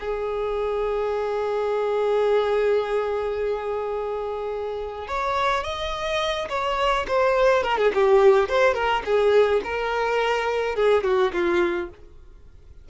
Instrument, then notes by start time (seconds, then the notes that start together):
violin
0.00 G#4
5.07 C#5
5.63 D#5
6.49 C#5
7.08 C5
7.63 A#4
7.78 G#4
7.94 G4
8.49 C5
8.74 A#4
9.05 G#4
9.64 A#4
10.75 G#4
11.04 F#4
11.33 F4